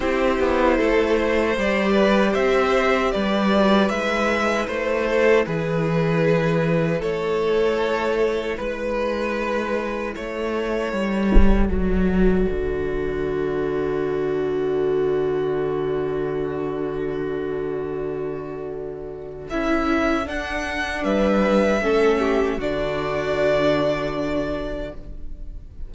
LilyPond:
<<
  \new Staff \with { instrumentName = "violin" } { \time 4/4 \tempo 4 = 77 c''2 d''4 e''4 | d''4 e''4 c''4 b'4~ | b'4 cis''2 b'4~ | b'4 cis''2 d''4~ |
d''1~ | d''1~ | d''4 e''4 fis''4 e''4~ | e''4 d''2. | }
  \new Staff \with { instrumentName = "violin" } { \time 4/4 g'4 a'8 c''4 b'8 c''4 | b'2~ b'8 a'8 gis'4~ | gis'4 a'2 b'4~ | b'4 a'2.~ |
a'1~ | a'1~ | a'2. b'4 | a'8 g'8 fis'2. | }
  \new Staff \with { instrumentName = "viola" } { \time 4/4 e'2 g'2~ | g'8 fis'8 e'2.~ | e'1~ | e'2. fis'4~ |
fis'1~ | fis'1~ | fis'4 e'4 d'2 | cis'4 d'2. | }
  \new Staff \with { instrumentName = "cello" } { \time 4/4 c'8 b8 a4 g4 c'4 | g4 gis4 a4 e4~ | e4 a2 gis4~ | gis4 a4 g4 fis4 |
d1~ | d1~ | d4 cis'4 d'4 g4 | a4 d2. | }
>>